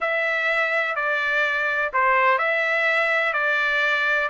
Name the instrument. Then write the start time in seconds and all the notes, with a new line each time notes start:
trumpet
0.00 E5
0.95 D5
1.93 C5
2.38 E5
3.33 D5